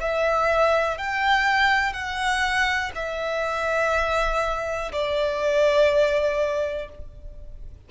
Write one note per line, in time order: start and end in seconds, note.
0.00 0.98 E5
0.98 1.93 G5
1.93 2.92 F#5
2.95 4.92 E5
4.92 6.89 D5